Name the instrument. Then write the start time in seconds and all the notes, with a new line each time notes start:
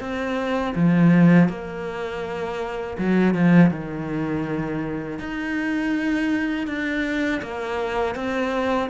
cello
0.00 C4
0.75 F3
1.49 A#3
2.98 F#3
3.34 F3
3.71 D#3
5.19 D#4
6.67 D4
7.42 A#3
8.15 C4